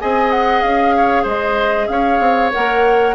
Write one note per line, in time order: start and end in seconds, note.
0.00 0.63 C4
0.00 2.53 G#4
0.00 0.95 D#5
0.00 0.31 G#5
0.31 0.61 F#5
0.61 1.25 C#4
0.61 1.24 F5
0.96 1.23 C#5
1.23 1.88 G#3
1.23 1.86 C5
1.23 1.87 D#5
1.87 2.20 C#4
1.87 3.15 C#5
1.87 2.50 F5
2.20 2.51 C4
2.52 3.15 A#3
2.52 3.15 A#4
2.52 3.15 F#5